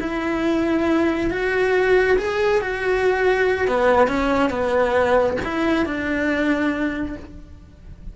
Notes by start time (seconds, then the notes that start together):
0.00 E4
1.30 F#4
2.18 G#4
2.61 F#4
3.68 B3
4.08 C#4
4.50 B3
5.44 E4
5.86 D4